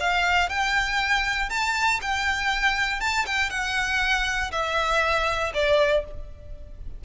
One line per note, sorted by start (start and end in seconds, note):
0.00 0.49 F5
0.49 1.49 G5
1.49 2.00 A5
2.02 3.01 G5
3.01 3.26 A5
3.26 3.50 G5
3.50 4.51 F#5
4.52 5.53 E5
5.54 6.04 D5